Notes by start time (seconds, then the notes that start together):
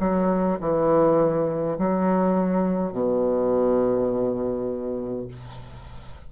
0.00 F#3
0.60 E3
1.79 F#3
2.93 B2